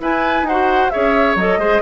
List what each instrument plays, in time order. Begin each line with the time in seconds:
0.00 bassoon E4, clarinet E4, oboe B4, flute G#5
0.42 bassoon D#4, oboe C5, flute F#5
0.50 clarinet F#4
0.90 bassoon C#4, clarinet G#4, oboe C#5, flute E5
1.35 bassoon F#3, clarinet A4, flute D#5
1.57 bassoon G#3, clarinet G#4, oboe C5